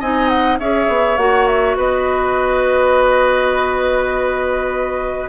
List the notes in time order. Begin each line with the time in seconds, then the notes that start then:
0.00 C4 D#4 D#5 G#5
0.29 F#5
0.60 C#4 G#4 C#5 E5
0.88 B3
1.17 A#3 F#4 F#5
1.47 E5
1.76 B3 B4 D#5